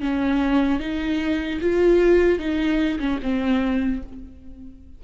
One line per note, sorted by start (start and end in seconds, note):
0.00 0.79 C#4
0.79 1.59 D#4
1.60 2.38 F4
2.38 2.98 D#4
2.99 3.19 C#4
3.22 4.02 C4